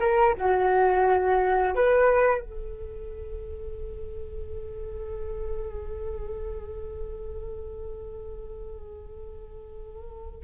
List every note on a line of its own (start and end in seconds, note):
0.00 0.35 A#4
0.38 1.75 F#4
1.75 2.42 B4
2.42 10.44 A4